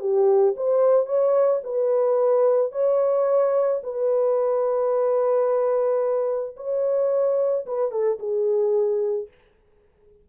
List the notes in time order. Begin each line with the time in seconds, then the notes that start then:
0.00 G4
0.56 C5
1.06 C#5
1.63 B4
2.72 C#5
3.83 B4
6.57 C#5
7.66 B4
7.91 A4
8.19 G#4